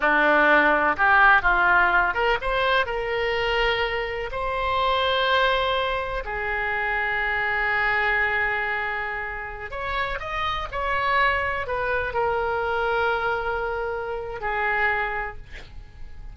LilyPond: \new Staff \with { instrumentName = "oboe" } { \time 4/4 \tempo 4 = 125 d'2 g'4 f'4~ | f'8 ais'8 c''4 ais'2~ | ais'4 c''2.~ | c''4 gis'2.~ |
gis'1~ | gis'16 cis''4 dis''4 cis''4.~ cis''16~ | cis''16 b'4 ais'2~ ais'8.~ | ais'2 gis'2 | }